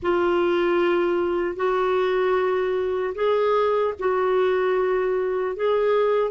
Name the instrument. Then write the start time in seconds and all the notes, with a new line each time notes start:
clarinet
0.02 F4
1.56 F#4
3.14 G#4
3.99 F#4
5.56 G#4